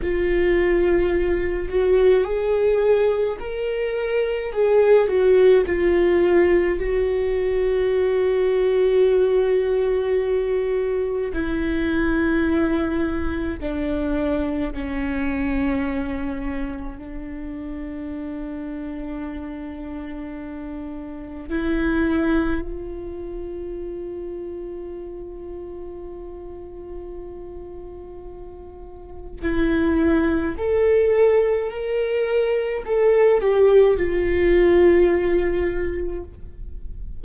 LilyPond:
\new Staff \with { instrumentName = "viola" } { \time 4/4 \tempo 4 = 53 f'4. fis'8 gis'4 ais'4 | gis'8 fis'8 f'4 fis'2~ | fis'2 e'2 | d'4 cis'2 d'4~ |
d'2. e'4 | f'1~ | f'2 e'4 a'4 | ais'4 a'8 g'8 f'2 | }